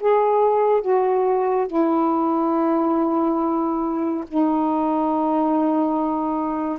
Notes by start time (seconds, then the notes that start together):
0.00 G#4
0.81 F#4
1.68 E4
4.28 D#4